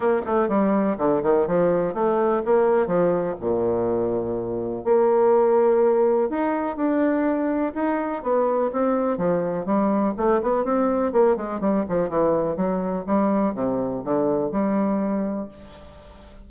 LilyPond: \new Staff \with { instrumentName = "bassoon" } { \time 4/4 \tempo 4 = 124 ais8 a8 g4 d8 dis8 f4 | a4 ais4 f4 ais,4~ | ais,2 ais2~ | ais4 dis'4 d'2 |
dis'4 b4 c'4 f4 | g4 a8 b8 c'4 ais8 gis8 | g8 f8 e4 fis4 g4 | c4 d4 g2 | }